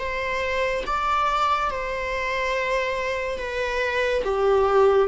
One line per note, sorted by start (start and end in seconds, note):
0.00 0.85 C5
0.87 1.71 D5
1.71 3.39 C5
3.39 4.23 B4
4.24 5.09 G4